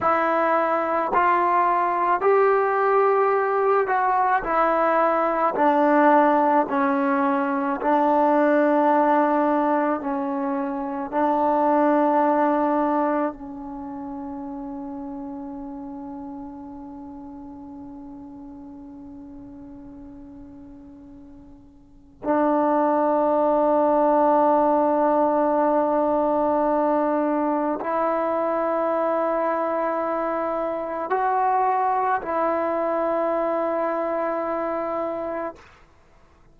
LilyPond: \new Staff \with { instrumentName = "trombone" } { \time 4/4 \tempo 4 = 54 e'4 f'4 g'4. fis'8 | e'4 d'4 cis'4 d'4~ | d'4 cis'4 d'2 | cis'1~ |
cis'1 | d'1~ | d'4 e'2. | fis'4 e'2. | }